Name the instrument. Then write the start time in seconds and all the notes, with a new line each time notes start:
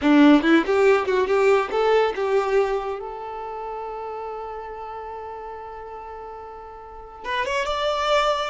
violin
0.01 D4
0.42 E4
0.66 G4
1.06 F#4
1.27 G4
1.71 A4
2.15 G4
2.99 A4
7.24 B4
7.45 C#5
7.65 D5